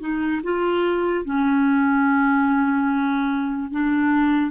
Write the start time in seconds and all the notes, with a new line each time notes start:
0.00 D#4
0.43 F4
1.25 C#4
3.71 D4